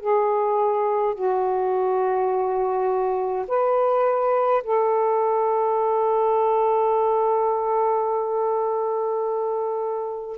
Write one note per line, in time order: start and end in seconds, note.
0.00 1.15 G#4
1.15 3.46 F#4
3.48 4.64 B4
4.64 10.38 A4